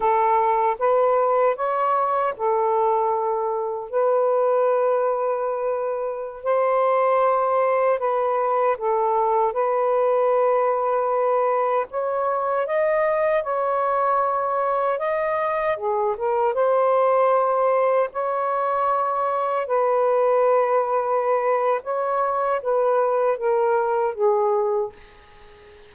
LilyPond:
\new Staff \with { instrumentName = "saxophone" } { \time 4/4 \tempo 4 = 77 a'4 b'4 cis''4 a'4~ | a'4 b'2.~ | b'16 c''2 b'4 a'8.~ | a'16 b'2. cis''8.~ |
cis''16 dis''4 cis''2 dis''8.~ | dis''16 gis'8 ais'8 c''2 cis''8.~ | cis''4~ cis''16 b'2~ b'8. | cis''4 b'4 ais'4 gis'4 | }